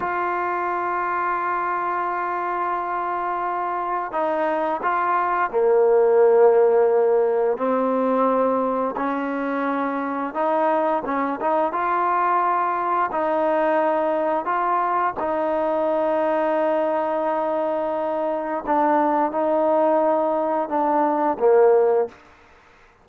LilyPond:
\new Staff \with { instrumentName = "trombone" } { \time 4/4 \tempo 4 = 87 f'1~ | f'2 dis'4 f'4 | ais2. c'4~ | c'4 cis'2 dis'4 |
cis'8 dis'8 f'2 dis'4~ | dis'4 f'4 dis'2~ | dis'2. d'4 | dis'2 d'4 ais4 | }